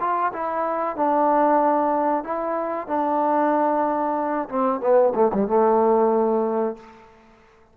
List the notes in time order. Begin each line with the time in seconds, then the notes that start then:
0.00 F4
0.33 E4
0.96 D4
2.24 E4
2.87 D4
4.49 C4
4.80 B3
5.15 A3
5.33 G3
5.47 A3